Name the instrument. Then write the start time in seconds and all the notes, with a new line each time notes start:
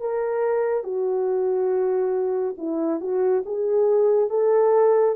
horn
0.00 A#4
0.83 F#4
2.57 E4
3.00 F#4
3.45 G#4
4.29 A4